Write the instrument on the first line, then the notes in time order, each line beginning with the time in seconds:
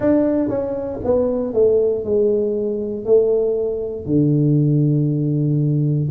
tuba
0.00 D4
0.49 C#4
1.04 B3
1.53 A3
2.04 G#3
3.05 A3
4.05 D3